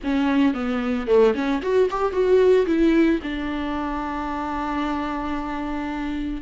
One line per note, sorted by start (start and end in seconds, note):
0.03 0.54 C#4
0.54 1.07 B3
1.07 1.34 A3
1.34 1.61 C#4
1.61 1.88 F#4
1.90 2.12 G4
2.12 2.65 F#4
2.66 3.19 E4
3.23 6.41 D4